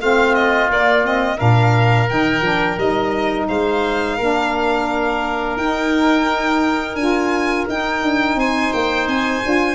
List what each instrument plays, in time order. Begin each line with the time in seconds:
0.00 tuba A3, saxophone C4, oboe F4, violin F5
0.34 violin D#5
0.69 tuba A#3, saxophone A#3, violin D5
1.03 saxophone C4, violin D#5
1.37 tuba A#2, saxophone D4, oboe A#4, violin F5
2.08 tuba D#3, saxophone D#4, violin G5
2.41 tuba F3, saxophone D4
2.77 tuba G3, saxophone D#4, violin D#5
3.47 tuba G#3, oboe C5, violin F5
4.17 tuba A#3, saxophone D4, oboe A#4
5.56 tuba D#4, saxophone D#4, violin G5
6.94 tuba D4, saxophone F4, violin G#5
7.68 tuba D#4, saxophone D#4, violin G5
8.02 tuba D4
8.35 tuba C4, oboe C5, violin G#5
8.72 tuba A#3, violin G5
9.07 tuba C4, violin G#5
9.43 tuba D4, saxophone F4